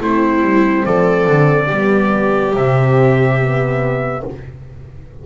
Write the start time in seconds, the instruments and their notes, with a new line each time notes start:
0.00 double bass A3, horn C4, viola E4, trumpet C5
0.41 double bass G3
0.85 double bass F3, viola A4, trumpet D5
1.27 double bass D3
1.66 double bass G3, horn B3, viola G4
2.54 double bass C3, horn C4, trumpet E5
3.40 horn B3